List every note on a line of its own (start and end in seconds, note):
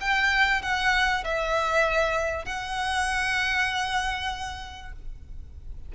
0.00 0.62 G5
0.62 1.23 F#5
1.24 2.45 E5
2.45 4.92 F#5